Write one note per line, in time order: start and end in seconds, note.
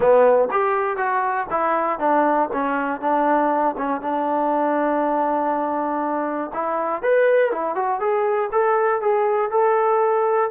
0.00 0.48 B3
0.51 0.97 G4
0.97 1.47 F#4
1.50 1.99 E4
1.99 2.49 D4
2.52 3.00 C#4
3.00 3.75 D4
3.77 4.01 C#4
4.01 6.51 D4
6.53 7.02 E4
7.02 7.51 B4
7.51 7.75 E4
7.75 8.00 F#4
8.00 8.50 G#4
8.52 9.01 A4
9.01 9.50 G#4
9.50 10.50 A4